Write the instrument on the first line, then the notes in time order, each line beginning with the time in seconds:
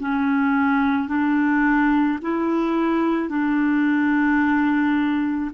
clarinet
0.00 C#4
1.08 D4
2.22 E4
3.29 D4